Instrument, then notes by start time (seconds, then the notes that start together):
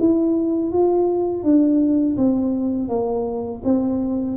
tuba
0.00 E4
0.72 F4
1.44 D4
2.18 C4
2.89 A#3
3.65 C4